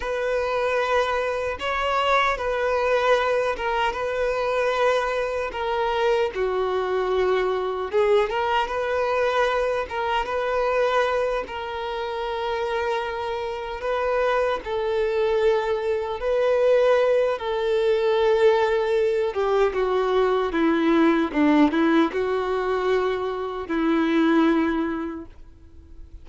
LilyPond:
\new Staff \with { instrumentName = "violin" } { \time 4/4 \tempo 4 = 76 b'2 cis''4 b'4~ | b'8 ais'8 b'2 ais'4 | fis'2 gis'8 ais'8 b'4~ | b'8 ais'8 b'4. ais'4.~ |
ais'4. b'4 a'4.~ | a'8 b'4. a'2~ | a'8 g'8 fis'4 e'4 d'8 e'8 | fis'2 e'2 | }